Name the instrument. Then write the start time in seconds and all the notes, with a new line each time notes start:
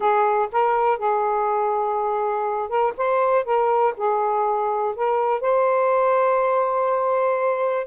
saxophone
0.00 G#4
0.52 A#4
0.98 G#4
2.68 A#4
2.97 C5
3.44 A#4
3.96 G#4
4.95 A#4
5.41 C5